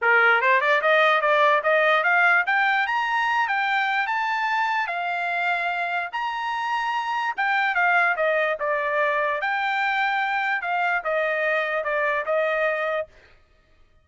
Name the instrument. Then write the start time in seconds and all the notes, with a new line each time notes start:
trumpet
0.01 A#4
0.41 C5
0.60 D5
0.81 D#5
1.21 D5
1.63 D#5
2.03 F5
2.46 G5
2.86 A#5
3.47 G5
4.06 A5
4.87 F5
6.12 A#5
7.36 G5
7.75 F5
8.16 D#5
8.59 D5
9.41 G5
10.61 F5
11.04 D#5
11.84 D5
12.25 D#5